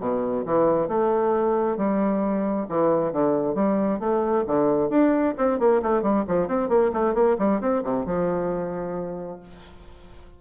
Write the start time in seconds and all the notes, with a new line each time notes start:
0.00 B2
0.46 E3
0.88 A3
1.77 G3
2.69 E3
3.12 D3
3.55 G3
4.00 A3
4.47 D3
4.90 D4
5.38 C4
5.59 A#3
5.82 A3
6.02 G3
6.28 F3
6.47 C4
6.69 A#3
6.93 A3
7.14 A#3
7.39 G3
7.61 C4
7.84 C3
8.06 F3